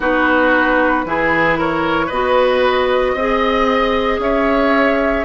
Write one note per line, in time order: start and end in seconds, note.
0.00 1.05 B3
0.00 1.05 D#4
0.00 1.05 F#4
0.00 1.59 B4
1.05 2.10 E3
1.05 2.10 E4
1.05 1.58 G#4
1.58 2.06 A#4
1.58 2.09 C#5
2.06 3.14 B3
2.06 3.17 F#4
2.06 3.11 B4
2.06 4.20 D#5
3.14 4.18 C4
3.14 5.25 G#4
3.14 4.20 D#5
4.18 5.24 C#4
4.18 5.25 C#5
4.18 5.25 E5